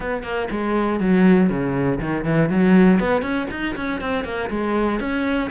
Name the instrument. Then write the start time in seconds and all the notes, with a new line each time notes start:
cello
0.00 B3
0.23 A#3
0.50 G#3
1.00 F#3
1.49 C#3
2.00 D#3
2.24 E3
2.49 F#3
2.99 B3
3.22 C#4
3.50 D#4
3.75 C#4
4.00 C4
4.24 A#3
4.50 G#3
5.00 C#4